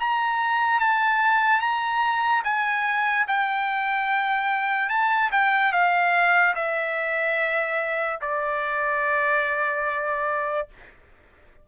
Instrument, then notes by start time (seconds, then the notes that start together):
trumpet
0.00 A#5
0.80 A5
1.61 A#5
2.44 G#5
3.28 G5
4.90 A5
5.32 G5
5.73 F5
6.56 E5
8.22 D5